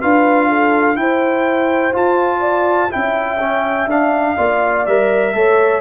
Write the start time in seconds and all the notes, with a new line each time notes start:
0.00 D4 F4 B4 F5
0.49 A4
0.96 E4 C5 G5
1.93 F4 A5
2.41 D5
2.90 E4 E5 G5
2.96 C#4
3.41 C#4
3.87 D4 F5
4.37 A#3 F4 D5
4.86 G3 A#4 E5
5.34 A3 A4 C#5